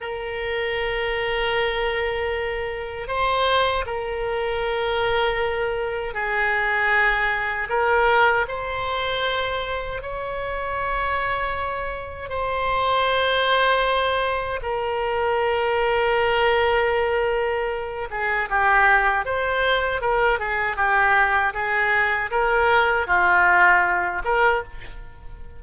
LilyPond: \new Staff \with { instrumentName = "oboe" } { \time 4/4 \tempo 4 = 78 ais'1 | c''4 ais'2. | gis'2 ais'4 c''4~ | c''4 cis''2. |
c''2. ais'4~ | ais'2.~ ais'8 gis'8 | g'4 c''4 ais'8 gis'8 g'4 | gis'4 ais'4 f'4. ais'8 | }